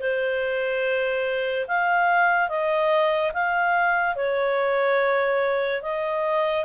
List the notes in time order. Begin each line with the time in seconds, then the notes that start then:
0.00 C5
1.68 F5
2.49 D#5
3.33 F5
4.16 C#5
5.83 D#5